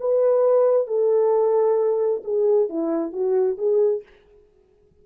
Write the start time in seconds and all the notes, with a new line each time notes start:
0.00 B4
0.87 A4
2.24 G#4
2.69 E4
3.12 F#4
3.57 G#4